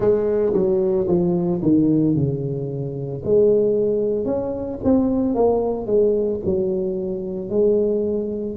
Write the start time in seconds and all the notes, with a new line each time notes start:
0.00 G#3
0.53 F#3
1.07 F3
1.62 D#3
2.15 C#3
3.24 G#3
4.25 C#4
4.84 C4
5.34 A#3
5.86 G#3
6.45 F#3
7.49 G#3